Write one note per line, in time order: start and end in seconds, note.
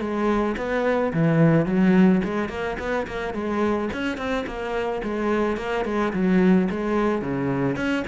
0.00 0.56 G#3
0.57 1.12 B3
1.13 1.66 E3
1.66 2.21 F#3
2.24 2.49 G#3
2.49 2.77 A#3
2.79 3.06 B3
3.07 3.34 A#3
3.34 3.89 G#3
3.93 4.17 C#4
4.17 4.45 C4
4.46 5.02 A#3
5.03 5.57 G#3
5.57 5.84 A#3
5.85 6.12 G#3
6.12 6.68 F#3
6.70 7.21 G#3
7.21 7.76 C#3
7.76 8.04 C#4